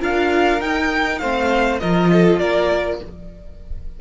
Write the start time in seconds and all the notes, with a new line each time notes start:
0.00 D4 F4 A#4 F5
0.60 D#4 G5
1.19 A3 C4 C5 F5
1.80 F3 F4 A#4 D#5
2.12 A4
2.38 A#3 A#4 D5